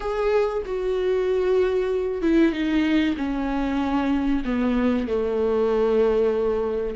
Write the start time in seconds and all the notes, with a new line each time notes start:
0.00 G#4
0.65 F#4
2.22 E4
2.52 D#4
3.16 C#4
4.44 B3
5.07 A3